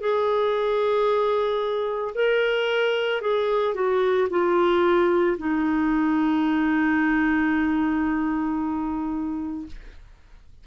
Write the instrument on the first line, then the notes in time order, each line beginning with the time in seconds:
clarinet
0.00 G#4
2.15 A#4
3.21 G#4
3.74 F#4
4.30 F4
5.38 D#4